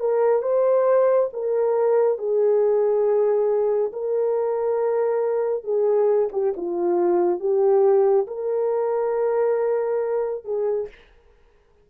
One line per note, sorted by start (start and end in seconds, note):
0.00 0.43 A#4
0.43 1.30 C5
1.34 2.19 A#4
2.19 3.92 G#4
3.93 5.64 A#4
5.64 6.30 G#4
6.33 6.55 G4
6.57 7.40 F4
7.40 8.27 G4
8.28 10.45 A#4
10.45 10.89 G#4